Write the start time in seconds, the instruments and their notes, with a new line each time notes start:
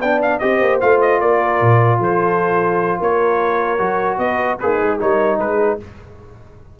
0.00 tuba B3, trombone D4, horn D5, trumpet G5
0.22 trumpet F5
0.39 tuba C4, trombone G4, horn C5, trumpet D#5
0.62 tuba A#3
0.81 tuba A3, trombone F4, trumpet F5
1.02 trumpet D#5
1.21 tuba A#3, horn A#4, trumpet D5
1.61 tuba A#2
1.99 tuba F3, horn A4, trumpet C5
2.99 tuba A#3, horn A#4, trumpet C#5
3.79 tuba F#3, trombone F#4
4.19 tuba B3, horn B4, trumpet D#5
4.60 tuba A#3, horn D#4, trombone G#4, trumpet B4
4.82 tuba G#3
5.00 tuba G3, trombone D#4, horn A#4, trumpet C#5
5.39 tuba G#3, horn G#4, trumpet B4